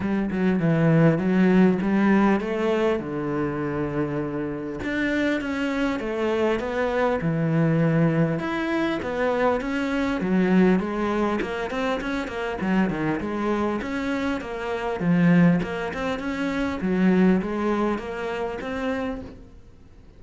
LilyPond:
\new Staff \with { instrumentName = "cello" } { \time 4/4 \tempo 4 = 100 g8 fis8 e4 fis4 g4 | a4 d2. | d'4 cis'4 a4 b4 | e2 e'4 b4 |
cis'4 fis4 gis4 ais8 c'8 | cis'8 ais8 fis8 dis8 gis4 cis'4 | ais4 f4 ais8 c'8 cis'4 | fis4 gis4 ais4 c'4 | }